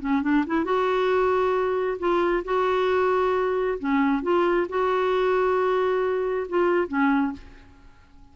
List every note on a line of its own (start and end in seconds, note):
0.00 0.22 C#4
0.22 0.44 D4
0.46 0.64 E4
0.64 1.98 F#4
1.99 2.43 F4
2.44 3.78 F#4
3.79 4.22 C#4
4.22 4.67 F4
4.69 6.47 F#4
6.48 6.88 F4
6.88 7.32 C#4